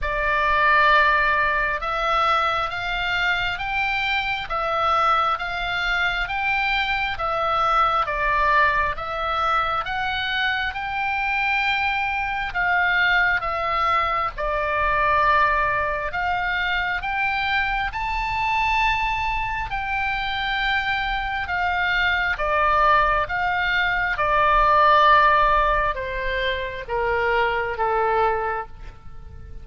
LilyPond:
\new Staff \with { instrumentName = "oboe" } { \time 4/4 \tempo 4 = 67 d''2 e''4 f''4 | g''4 e''4 f''4 g''4 | e''4 d''4 e''4 fis''4 | g''2 f''4 e''4 |
d''2 f''4 g''4 | a''2 g''2 | f''4 d''4 f''4 d''4~ | d''4 c''4 ais'4 a'4 | }